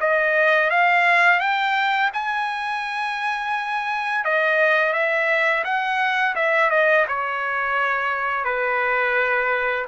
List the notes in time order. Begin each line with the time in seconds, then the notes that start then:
0.00 D#5
0.70 F5
1.40 G5
2.13 G#5
4.24 D#5
4.93 E5
5.64 F#5
6.35 E5
6.70 D#5
7.07 C#5
8.44 B4